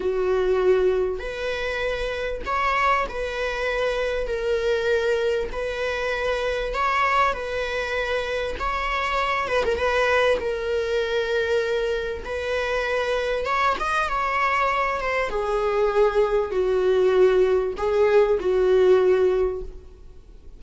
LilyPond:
\new Staff \with { instrumentName = "viola" } { \time 4/4 \tempo 4 = 98 fis'2 b'2 | cis''4 b'2 ais'4~ | ais'4 b'2 cis''4 | b'2 cis''4. b'16 ais'16 |
b'4 ais'2. | b'2 cis''8 dis''8 cis''4~ | cis''8 c''8 gis'2 fis'4~ | fis'4 gis'4 fis'2 | }